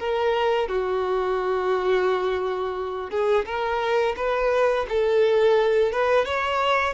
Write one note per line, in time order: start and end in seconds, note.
0.00 0.69 A#4
0.69 3.11 F#4
3.11 3.46 G#4
3.46 4.16 A#4
4.17 4.86 B4
4.89 5.92 A4
5.92 6.26 B4
6.26 6.94 C#5